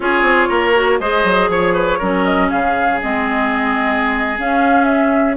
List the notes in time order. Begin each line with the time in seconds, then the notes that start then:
0.00 C#4 F4 G#4 C#5
0.22 C4
0.48 A#3 A#4
0.75 F#4
0.99 G#3 G#4 C5 D#5
1.24 F#3
1.48 F3 C#5
1.73 B4
1.98 F#3 C#4 A#4
2.24 D#5
2.49 C#3 G#4 F5
3.01 G#3 C4 D#5
4.38 C#4 F5
4.84 E5